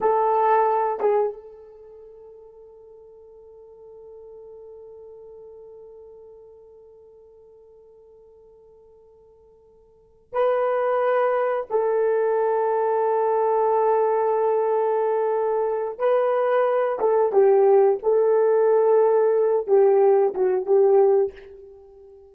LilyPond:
\new Staff \with { instrumentName = "horn" } { \time 4/4 \tempo 4 = 90 a'4. gis'8 a'2~ | a'1~ | a'1~ | a'2.~ a'8 b'8~ |
b'4. a'2~ a'8~ | a'1 | b'4. a'8 g'4 a'4~ | a'4. g'4 fis'8 g'4 | }